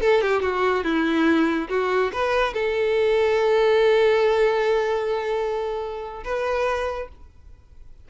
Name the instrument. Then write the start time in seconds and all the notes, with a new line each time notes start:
violin
0.00 A4
0.21 G4
0.41 F#4
0.84 E4
1.69 F#4
2.13 B4
2.53 A4
6.24 B4